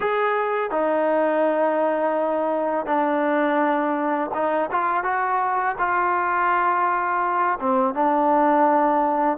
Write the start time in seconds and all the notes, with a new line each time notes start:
0.00 G#4
0.70 D#4
2.86 D4
4.33 D#4
4.71 F4
5.03 F#4
5.78 F4
7.59 C4
7.94 D4